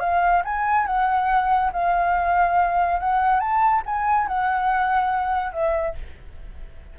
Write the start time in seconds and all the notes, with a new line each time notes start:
0.00 F5
0.45 G#5
0.86 F#5
1.73 F5
3.00 F#5
3.40 A5
3.86 G#5
4.27 F#5
5.52 E5